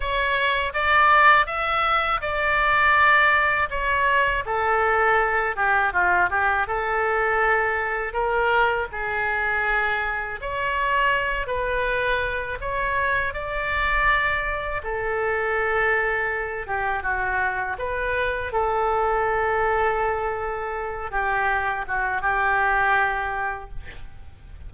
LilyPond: \new Staff \with { instrumentName = "oboe" } { \time 4/4 \tempo 4 = 81 cis''4 d''4 e''4 d''4~ | d''4 cis''4 a'4. g'8 | f'8 g'8 a'2 ais'4 | gis'2 cis''4. b'8~ |
b'4 cis''4 d''2 | a'2~ a'8 g'8 fis'4 | b'4 a'2.~ | a'8 g'4 fis'8 g'2 | }